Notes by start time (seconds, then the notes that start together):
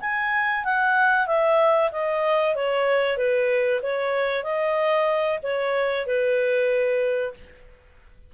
0.00 G#5
0.64 F#5
1.26 E5
1.91 D#5
2.55 C#5
3.17 B4
3.82 C#5
4.43 D#5
5.43 C#5
6.06 B4